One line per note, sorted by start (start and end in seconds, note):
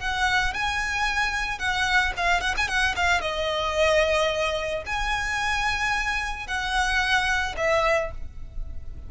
0.00 0.54 F#5
0.54 1.59 G#5
1.59 2.13 F#5
2.17 2.41 F5
2.41 2.55 F#5
2.58 2.68 G#5
2.68 2.95 F#5
2.96 3.22 F5
3.22 4.84 D#5
4.86 6.47 G#5
6.47 7.56 F#5
7.57 8.12 E5